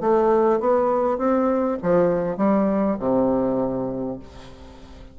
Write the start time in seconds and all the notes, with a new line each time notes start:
0.00 A3
0.60 B3
1.18 C4
1.82 F3
2.37 G3
2.99 C3